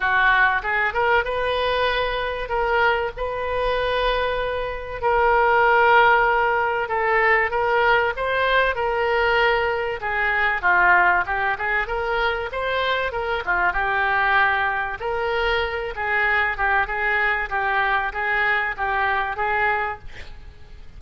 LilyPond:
\new Staff \with { instrumentName = "oboe" } { \time 4/4 \tempo 4 = 96 fis'4 gis'8 ais'8 b'2 | ais'4 b'2. | ais'2. a'4 | ais'4 c''4 ais'2 |
gis'4 f'4 g'8 gis'8 ais'4 | c''4 ais'8 f'8 g'2 | ais'4. gis'4 g'8 gis'4 | g'4 gis'4 g'4 gis'4 | }